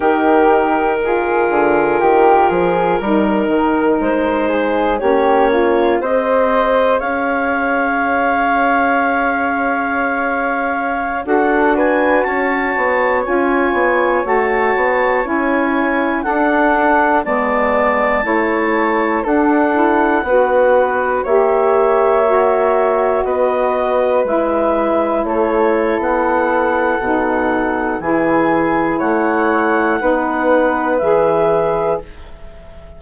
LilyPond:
<<
  \new Staff \with { instrumentName = "clarinet" } { \time 4/4 \tempo 4 = 60 ais'1 | c''4 cis''4 dis''4 f''4~ | f''2.~ f''16 fis''8 gis''16~ | gis''16 a''4 gis''4 a''4 gis''8.~ |
gis''16 fis''4 a''2 fis''8.~ | fis''4~ fis''16 e''2 dis''8.~ | dis''16 e''4 cis''8. fis''2 | gis''4 fis''2 e''4 | }
  \new Staff \with { instrumentName = "flute" } { \time 4/4 g'4 gis'4 g'8 gis'8 ais'4~ | ais'8 gis'8 g'8 f'8 c''4 cis''4~ | cis''2.~ cis''16 a'8 b'16~ | b'16 cis''2.~ cis''8.~ |
cis''16 a'4 d''4 cis''4 a'8.~ | a'16 b'4 cis''2 b'8.~ | b'4~ b'16 a'2~ a'8. | gis'4 cis''4 b'2 | }
  \new Staff \with { instrumentName = "saxophone" } { \time 4/4 dis'4 f'2 dis'4~ | dis'4 cis'4 gis'2~ | gis'2.~ gis'16 fis'8.~ | fis'4~ fis'16 f'4 fis'4 e'8.~ |
e'16 d'4 b4 e'4 d'8 e'16~ | e'16 fis'4 g'4 fis'4.~ fis'16~ | fis'16 e'2~ e'8. dis'4 | e'2 dis'4 gis'4 | }
  \new Staff \with { instrumentName = "bassoon" } { \time 4/4 dis4. d8 dis8 f8 g8 dis8 | gis4 ais4 c'4 cis'4~ | cis'2.~ cis'16 d'8.~ | d'16 cis'8 b8 cis'8 b8 a8 b8 cis'8.~ |
cis'16 d'4 gis4 a4 d'8.~ | d'16 b4 ais2 b8.~ | b16 gis4 a8. b4 b,4 | e4 a4 b4 e4 | }
>>